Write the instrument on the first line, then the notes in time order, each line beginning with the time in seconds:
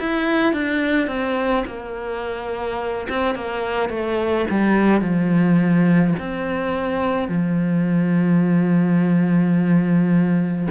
cello
0.00 E4
0.53 D4
1.08 C4
1.67 A#3
3.09 C4
3.35 A#3
3.90 A3
4.50 G3
5.01 F3
6.19 C4
7.28 F3